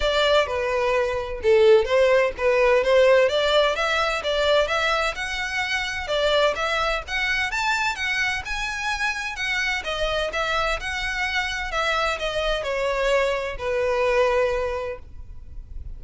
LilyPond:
\new Staff \with { instrumentName = "violin" } { \time 4/4 \tempo 4 = 128 d''4 b'2 a'4 | c''4 b'4 c''4 d''4 | e''4 d''4 e''4 fis''4~ | fis''4 d''4 e''4 fis''4 |
a''4 fis''4 gis''2 | fis''4 dis''4 e''4 fis''4~ | fis''4 e''4 dis''4 cis''4~ | cis''4 b'2. | }